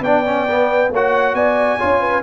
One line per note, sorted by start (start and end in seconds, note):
0.00 0.88 B3
0.00 0.25 D4
0.00 0.90 D5
0.00 0.91 G5
0.25 0.47 C#4
0.49 0.93 B3
0.90 1.33 A#3
0.90 1.79 F#4
0.90 1.35 C#5
0.90 1.34 F#5
1.33 1.77 B3
1.33 1.79 D5
1.33 2.23 G#5
1.79 2.23 C#4
1.79 2.23 F4
1.79 2.00 C#5
2.00 2.22 B4